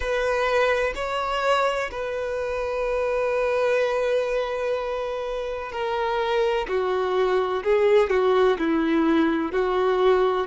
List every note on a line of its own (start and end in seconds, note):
0.00 0.93 B4
0.95 1.90 C#5
1.90 5.71 B4
5.71 6.67 A#4
6.68 7.63 F#4
7.63 8.10 G#4
8.10 8.57 F#4
8.58 9.52 E4
9.52 10.46 F#4